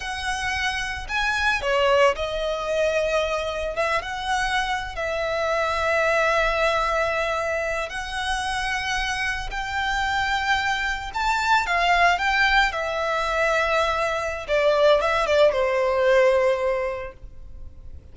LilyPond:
\new Staff \with { instrumentName = "violin" } { \time 4/4 \tempo 4 = 112 fis''2 gis''4 cis''4 | dis''2. e''8 fis''8~ | fis''4~ fis''16 e''2~ e''8.~ | e''2~ e''8. fis''4~ fis''16~ |
fis''4.~ fis''16 g''2~ g''16~ | g''8. a''4 f''4 g''4 e''16~ | e''2. d''4 | e''8 d''8 c''2. | }